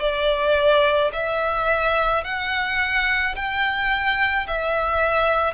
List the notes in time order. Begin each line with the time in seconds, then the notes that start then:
0.00 D5
1.13 E5
2.24 F#5
3.35 G5
4.47 E5